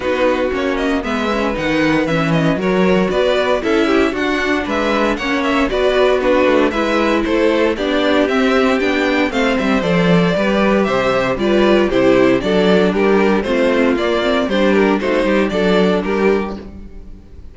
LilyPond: <<
  \new Staff \with { instrumentName = "violin" } { \time 4/4 \tempo 4 = 116 b'4 cis''8 dis''8 e''4 fis''4 | e''8 dis''8 cis''4 d''4 e''4 | fis''4 e''4 fis''8 e''8 d''4 | b'4 e''4 c''4 d''4 |
e''4 g''4 f''8 e''8 d''4~ | d''4 e''4 d''4 c''4 | d''4 ais'4 c''4 d''4 | c''8 ais'8 c''4 d''4 ais'4 | }
  \new Staff \with { instrumentName = "violin" } { \time 4/4 fis'2 b'2~ | b'4 ais'4 b'4 a'8 g'8 | fis'4 b'4 cis''4 b'4 | fis'4 b'4 a'4 g'4~ |
g'2 c''2 | b'4 c''4 b'4 g'4 | a'4 g'4 f'2 | g'4 fis'8 g'8 a'4 g'4 | }
  \new Staff \with { instrumentName = "viola" } { \time 4/4 dis'4 cis'4 b8 cis'8 dis'4 | cis'4 fis'2 e'4 | d'2 cis'4 fis'4 | d'4 e'2 d'4 |
c'4 d'4 c'4 a'4 | g'2 f'4 e'4 | d'2 c'4 ais8 c'8 | d'4 dis'4 d'2 | }
  \new Staff \with { instrumentName = "cello" } { \time 4/4 b4 ais4 gis4 dis4 | e4 fis4 b4 cis'4 | d'4 gis4 ais4 b4~ | b8 a8 gis4 a4 b4 |
c'4 b4 a8 g8 f4 | g4 c4 g4 c4 | fis4 g4 a4 ais4 | g4 a8 g8 fis4 g4 | }
>>